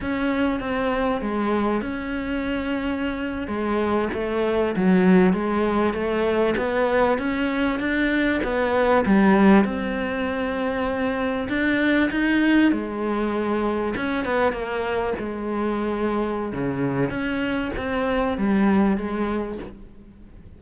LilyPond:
\new Staff \with { instrumentName = "cello" } { \time 4/4 \tempo 4 = 98 cis'4 c'4 gis4 cis'4~ | cis'4.~ cis'16 gis4 a4 fis16~ | fis8. gis4 a4 b4 cis'16~ | cis'8. d'4 b4 g4 c'16~ |
c'2~ c'8. d'4 dis'16~ | dis'8. gis2 cis'8 b8 ais16~ | ais8. gis2~ gis16 cis4 | cis'4 c'4 g4 gis4 | }